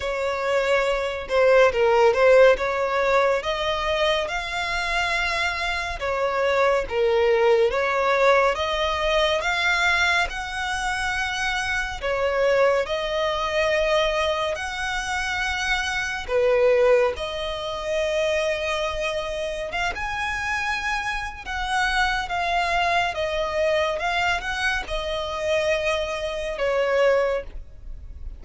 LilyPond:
\new Staff \with { instrumentName = "violin" } { \time 4/4 \tempo 4 = 70 cis''4. c''8 ais'8 c''8 cis''4 | dis''4 f''2 cis''4 | ais'4 cis''4 dis''4 f''4 | fis''2 cis''4 dis''4~ |
dis''4 fis''2 b'4 | dis''2. f''16 gis''8.~ | gis''4 fis''4 f''4 dis''4 | f''8 fis''8 dis''2 cis''4 | }